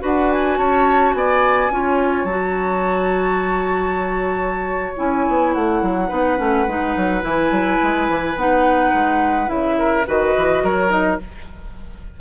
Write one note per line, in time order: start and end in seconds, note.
0.00 0.58 D4
0.00 1.70 F#4
0.00 0.58 B4
0.00 0.31 F#5
0.31 0.57 G#5
0.57 1.13 C#4
0.57 1.14 C#5
0.57 1.14 A5
1.13 1.70 B3
1.13 1.72 D5
1.13 2.24 G#5
1.70 2.24 C#4
1.70 2.28 F4
1.70 6.08 C#5
2.24 4.93 F#3
2.24 4.96 F#4
2.24 4.93 A5
4.96 5.27 C#4
4.96 6.09 E4
4.96 5.53 G#5
5.28 5.55 B3
5.53 5.82 A3
5.53 7.23 F#5
5.82 6.10 F#3
6.08 6.39 B3
6.08 6.37 D#4
6.08 9.76 B4
6.37 6.67 A3
6.37 6.65 C#4
6.67 6.95 G#3
6.67 7.21 D#4
6.96 7.22 F#3
7.21 7.50 E3
7.21 8.34 E4
7.21 8.37 G#5
7.50 7.79 F#3
7.82 8.08 G#3
8.08 8.35 E3
8.35 8.92 B3
8.35 9.46 D#4
8.35 9.49 F#5
8.93 9.49 G#3
9.46 10.05 C#3
9.46 10.03 E4
9.46 10.05 E5
9.78 10.06 A#4
10.06 10.35 D#3
10.06 10.88 F#4
10.06 10.63 B4
10.06 10.66 D#5
10.36 10.62 E3
10.62 11.19 F#3
10.62 11.20 A#4
10.62 10.91 C#5
10.88 11.16 D#4
10.88 11.19 D#5